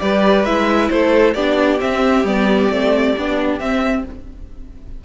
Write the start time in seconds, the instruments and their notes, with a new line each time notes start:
0.00 cello G3, viola G4, violin B4 D5
0.45 cello G#3, viola E4, violin E5
0.90 cello A3, violin A4 C5
1.34 cello B3, viola D4, violin G4 D5
1.79 viola C4, cello C4, violin E5
2.24 cello G3, viola B3, violin D5
2.70 cello A3, viola C4
3.18 cello B3, viola D4
3.60 cello C4, viola C4, violin E5